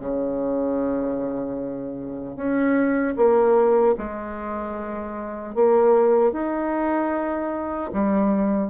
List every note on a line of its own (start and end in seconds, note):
0.00 2.36 C#3
2.36 3.15 C#4
3.17 3.96 A#3
3.98 5.55 G#3
5.55 6.33 A#3
6.33 7.91 D#4
7.93 8.71 G3